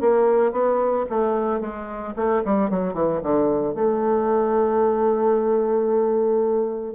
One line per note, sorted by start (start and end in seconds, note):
0.00 0.52 A#3
0.52 1.05 B3
1.09 1.60 A3
1.60 2.14 G#3
2.16 2.42 A3
2.45 2.70 G3
2.70 2.93 F#3
2.93 3.20 E3
3.22 3.74 D3
3.74 6.94 A3